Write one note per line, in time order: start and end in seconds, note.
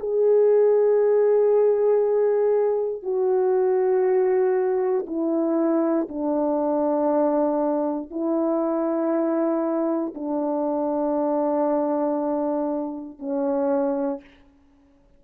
0.00 3.03 G#4
3.03 5.06 F#4
5.07 6.08 E4
6.09 8.11 D4
8.11 10.14 E4
10.15 13.19 D4
13.19 14.21 C#4